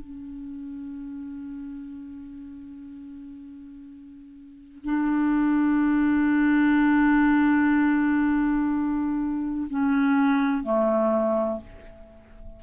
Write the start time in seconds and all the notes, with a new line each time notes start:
0.00 C#4
4.84 D4
9.70 C#4
10.63 A3